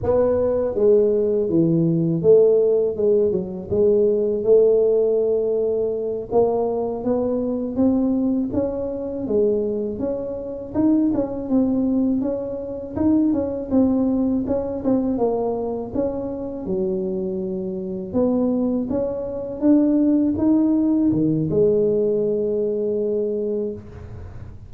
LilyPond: \new Staff \with { instrumentName = "tuba" } { \time 4/4 \tempo 4 = 81 b4 gis4 e4 a4 | gis8 fis8 gis4 a2~ | a8 ais4 b4 c'4 cis'8~ | cis'8 gis4 cis'4 dis'8 cis'8 c'8~ |
c'8 cis'4 dis'8 cis'8 c'4 cis'8 | c'8 ais4 cis'4 fis4.~ | fis8 b4 cis'4 d'4 dis'8~ | dis'8 dis8 gis2. | }